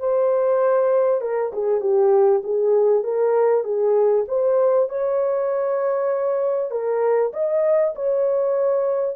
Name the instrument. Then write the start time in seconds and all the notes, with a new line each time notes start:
horn
0.00 C5
1.22 A#4
1.53 G#4
1.81 G4
2.44 G#4
3.04 A#4
3.64 G#4
4.28 C5
4.90 C#5
6.71 A#4
7.33 D#5
7.95 C#5